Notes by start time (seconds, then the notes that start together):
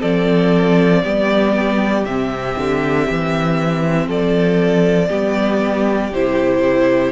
0.00 F3 C4 A4 D5
1.02 G3 B3 G4
2.04 C3 C4 E5
2.58 D3
3.10 E3
4.07 F3 A4 D5
5.08 G3 B3 G4
6.11 C3 E4 C5